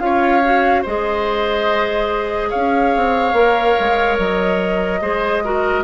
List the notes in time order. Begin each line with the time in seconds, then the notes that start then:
0.00 C#4 F4 C#5 F5
0.44 F#4
0.82 G#3 G#4 C5 D#5
2.50 C#4 C#5 F5
2.97 C4
3.33 A#3 A#4
3.80 G#3
4.18 F#3 D#5
5.02 G#3 G#4 C5
5.45 F#4 A#4